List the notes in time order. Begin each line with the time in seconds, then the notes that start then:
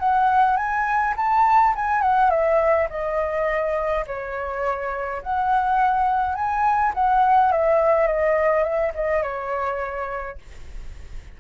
0.00 F#5
0.57 G#5
1.17 A5
1.76 G#5
2.02 F#5
2.31 E5
2.90 D#5
4.07 C#5
5.23 F#5
6.35 G#5
6.95 F#5
7.52 E5
8.08 D#5
8.64 E5
8.95 D#5
9.23 C#5